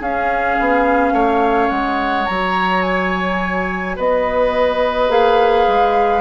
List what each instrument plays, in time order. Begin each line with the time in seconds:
0.00 bassoon C#4, clarinet C#4, oboe G#4, flute F5
0.59 bassoon B3
1.12 bassoon A3, oboe C#5
1.69 bassoon G#3, flute F#5
2.25 bassoon F#3, clarinet F#4, flute A#5
2.82 flute G#5
3.96 bassoon B3, oboe B4, flute D#5
5.08 bassoon A#3, clarinet G#4, flute F5
5.67 bassoon G#3